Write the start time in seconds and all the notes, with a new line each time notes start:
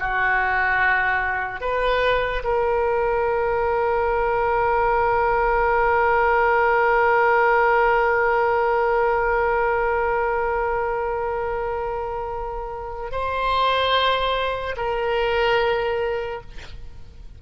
0.00 F#4
1.61 B4
2.44 A#4
13.12 C5
14.77 A#4